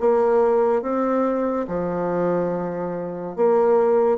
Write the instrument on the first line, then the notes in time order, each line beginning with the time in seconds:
bassoon
0.00 A#3
0.82 C4
1.68 F3
3.36 A#3